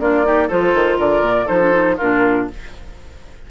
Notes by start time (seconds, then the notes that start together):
0.00 A#3 D4 F4 D5
0.24 D#4 G4
0.48 F3 F4 A4 C5
0.74 D#3
0.98 D3 A#4 D5
1.22 A#2
1.46 F3 D#4 A4 C5
1.60 D4
1.72 D#4
1.97 A#2 D4 F4 A#4